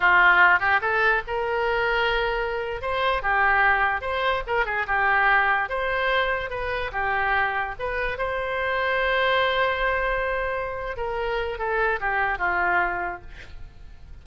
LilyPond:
\new Staff \with { instrumentName = "oboe" } { \time 4/4 \tempo 4 = 145 f'4. g'8 a'4 ais'4~ | ais'2~ ais'8. c''4 g'16~ | g'4.~ g'16 c''4 ais'8 gis'8 g'16~ | g'4.~ g'16 c''2 b'16~ |
b'8. g'2 b'4 c''16~ | c''1~ | c''2~ c''8 ais'4. | a'4 g'4 f'2 | }